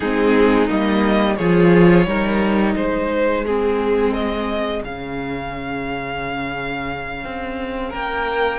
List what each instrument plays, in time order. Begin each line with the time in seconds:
0.00 cello G#3, viola C4, violin D#4 G#4
0.68 cello G3, viola A#3, violin D#5
1.36 cello F3, viola F4, violin G#4 C#5
2.05 cello G3, viola D#4, violin A#4
2.75 cello G#3, violin G#4 C5
3.46 viola C4, violin G#4
4.13 violin D#5
4.82 cello C#3, viola C#4, violin F5
7.24 cello C4
7.89 cello A#3, violin A#4 G5